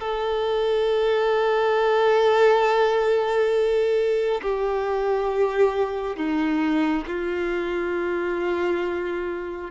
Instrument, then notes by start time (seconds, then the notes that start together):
violin
0.00 A4
4.42 G4
6.16 D#4
7.06 F4